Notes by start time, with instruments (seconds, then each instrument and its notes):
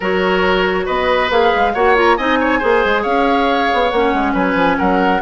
0.00 bassoon F#3, clarinet F#4, oboe A#4, flute C#5
0.85 bassoon B3, oboe B4, flute D#5
1.30 bassoon A#3, clarinet G#4, flute F5
1.55 bassoon G#3
1.74 bassoon A#3, clarinet F#4, oboe C#5, flute F#5
1.95 clarinet F4, flute A#5
2.16 bassoon C4, clarinet D#4, oboe D#5, flute G#5
2.39 oboe C#5
2.59 bassoon A#3, clarinet G#4, oboe C5
2.84 bassoon G#3
3.02 bassoon C#4, oboe C#5, flute F5
3.73 bassoon B3
3.89 bassoon A#3, clarinet C#4, flute F#5
4.13 bassoon G#3
4.33 bassoon F#3, oboe B4, flute G#5
4.54 bassoon F3
4.78 bassoon F#3, oboe A#4, flute F#5